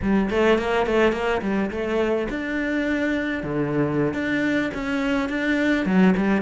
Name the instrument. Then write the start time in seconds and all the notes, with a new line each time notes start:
cello
0.02 G3
0.30 A3
0.58 A#3
0.86 A3
1.12 A#3
1.41 G3
1.70 A3
2.29 D4
3.43 D3
4.13 D4
4.74 C#4
5.29 D4
5.85 F#3
6.17 G3